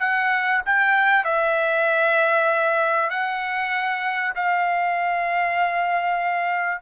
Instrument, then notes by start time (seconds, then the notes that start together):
trumpet
0.00 F#5
0.66 G5
1.25 E5
3.10 F#5
4.36 F5